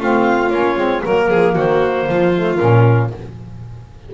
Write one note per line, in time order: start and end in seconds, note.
0.00 0.50 A3
0.00 0.52 C4
0.00 1.04 F4
0.00 0.50 F5
0.50 0.76 A#3
0.50 0.77 C#4
0.50 1.02 C#5
0.77 1.03 G#3
0.77 1.03 C4
1.04 1.31 F#3
1.04 2.34 A#3
1.04 1.57 A#4
1.04 1.30 A#4
1.30 1.57 F3
1.30 1.55 G#4
1.55 2.09 D#3
1.55 2.07 F#4
1.55 2.56 C5
2.09 2.60 F3
2.09 3.15 F4
2.35 2.59 A3
2.56 3.13 A#2
2.56 3.11 C#4
2.56 3.08 A#4